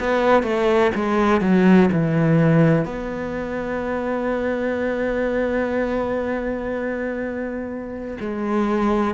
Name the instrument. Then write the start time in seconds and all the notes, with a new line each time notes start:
cello
0.00 B3
0.43 A3
0.95 G#3
1.41 F#3
1.92 E3
2.85 B3
8.20 G#3